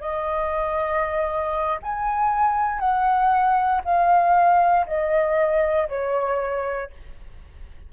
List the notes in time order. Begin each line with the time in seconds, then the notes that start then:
0.00 D#5
1.82 G#5
2.79 F#5
3.84 F5
4.86 D#5
5.88 C#5